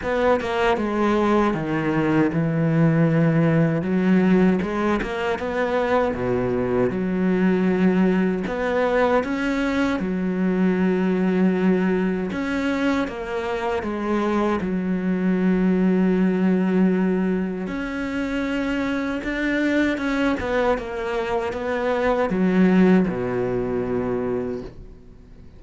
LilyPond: \new Staff \with { instrumentName = "cello" } { \time 4/4 \tempo 4 = 78 b8 ais8 gis4 dis4 e4~ | e4 fis4 gis8 ais8 b4 | b,4 fis2 b4 | cis'4 fis2. |
cis'4 ais4 gis4 fis4~ | fis2. cis'4~ | cis'4 d'4 cis'8 b8 ais4 | b4 fis4 b,2 | }